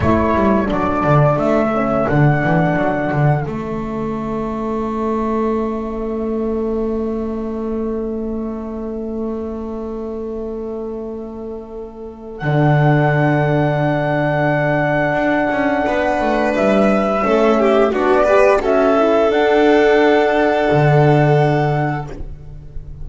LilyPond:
<<
  \new Staff \with { instrumentName = "flute" } { \time 4/4 \tempo 4 = 87 cis''4 d''4 e''4 fis''4~ | fis''4 e''2.~ | e''1~ | e''1~ |
e''2 fis''2~ | fis''1 | e''2 d''4 e''4 | fis''1 | }
  \new Staff \with { instrumentName = "violin" } { \time 4/4 a'1~ | a'1~ | a'1~ | a'1~ |
a'1~ | a'2. b'4~ | b'4 a'8 g'8 fis'8 b'8 a'4~ | a'1 | }
  \new Staff \with { instrumentName = "horn" } { \time 4/4 e'4 d'4. cis'8 d'4~ | d'4 cis'2.~ | cis'1~ | cis'1~ |
cis'2 d'2~ | d'1~ | d'4 cis'4 d'8 g'8 fis'8 e'8 | d'1 | }
  \new Staff \with { instrumentName = "double bass" } { \time 4/4 a8 g8 fis8 d8 a4 d8 e8 | fis8 d8 a2.~ | a1~ | a1~ |
a2 d2~ | d2 d'8 cis'8 b8 a8 | g4 a4 b4 cis'4 | d'2 d2 | }
>>